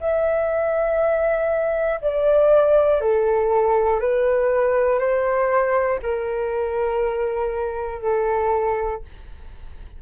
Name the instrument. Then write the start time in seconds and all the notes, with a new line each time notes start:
flute
0.00 E5
2.00 D5
3.00 A4
4.00 B4
4.99 C5
6.02 A#4
8.02 A4